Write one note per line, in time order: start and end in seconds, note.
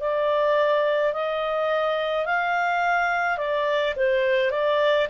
0.00 1.13 D5
1.13 2.26 D#5
2.26 3.38 F5
3.38 3.94 D5
3.96 4.51 C5
4.51 5.07 D5